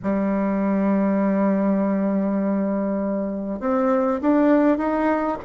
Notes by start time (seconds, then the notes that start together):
0.03 G3
3.60 C4
4.21 D4
4.77 D#4